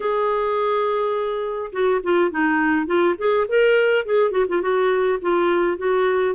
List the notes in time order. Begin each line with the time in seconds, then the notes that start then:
0.00 G#4
1.72 F#4
2.03 F4
2.30 D#4
2.86 F4
3.18 G#4
3.48 A#4
4.05 G#4
4.31 F#4
4.48 F4
4.61 F#4
5.21 F4
5.77 F#4